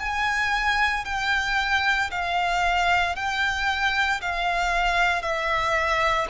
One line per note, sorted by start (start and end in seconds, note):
0.00 1.05 G#5
1.05 2.11 G5
2.11 3.16 F5
3.16 4.21 G5
4.22 5.22 F5
5.22 6.27 E5